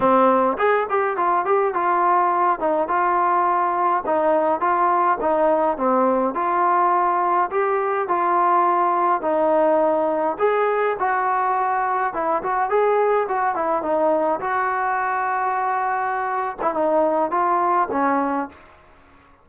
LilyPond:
\new Staff \with { instrumentName = "trombone" } { \time 4/4 \tempo 4 = 104 c'4 gis'8 g'8 f'8 g'8 f'4~ | f'8 dis'8 f'2 dis'4 | f'4 dis'4 c'4 f'4~ | f'4 g'4 f'2 |
dis'2 gis'4 fis'4~ | fis'4 e'8 fis'8 gis'4 fis'8 e'8 | dis'4 fis'2.~ | fis'8. e'16 dis'4 f'4 cis'4 | }